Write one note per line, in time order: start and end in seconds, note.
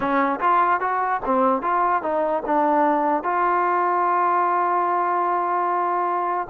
0.00 0.39 C#4
0.40 0.80 F4
0.80 1.21 F#4
1.25 1.62 C4
1.62 2.02 F4
2.02 2.43 D#4
2.45 3.23 D4
3.23 6.47 F4